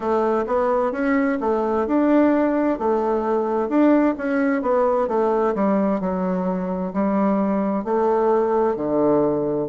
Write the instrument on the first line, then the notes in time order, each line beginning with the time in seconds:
bassoon
0.00 A3
0.47 B3
0.92 C#4
1.40 A3
1.86 D4
2.79 A3
3.68 D4
4.17 C#4
4.62 B3
5.08 A3
5.54 G3
6.00 F#3
6.93 G3
7.84 A3
8.76 D3